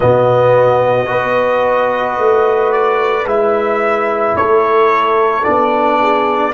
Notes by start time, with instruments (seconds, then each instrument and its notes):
0.00 tuba B2, trombone B3, horn F#4, trumpet D#5
1.05 tuba B3, trombone F#4, horn B4
2.17 tuba A3
2.72 trumpet D5
3.25 tuba G#3, trombone E4, trumpet E5
4.35 tuba A3, horn A4, trumpet C#5
5.43 tuba B3, trombone D4, trumpet D5
6.01 horn G#4